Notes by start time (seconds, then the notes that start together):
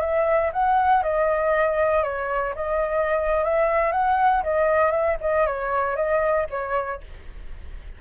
0.00 E5
0.52 F#5
1.02 D#5
2.03 C#5
2.55 D#5
3.43 E5
3.92 F#5
4.43 D#5
4.91 E5
5.20 D#5
5.46 C#5
5.96 D#5
6.49 C#5